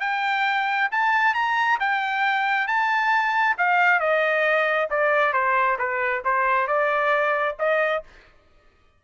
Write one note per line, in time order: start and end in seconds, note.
0.00 0.89 G5
0.91 1.34 A5
1.34 1.79 A#5
1.80 2.67 G5
2.67 3.56 A5
3.58 4.00 F5
4.00 4.88 D#5
4.90 5.33 D5
5.33 5.77 C5
5.78 6.23 B4
6.24 6.67 C5
6.67 7.56 D5
7.59 8.03 D#5